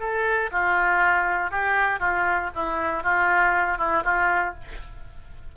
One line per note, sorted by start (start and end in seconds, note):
0.00 0.50 A4
0.52 1.51 F4
1.51 2.00 G4
2.00 2.50 F4
2.55 3.03 E4
3.03 3.78 F4
3.78 4.03 E4
4.04 4.55 F4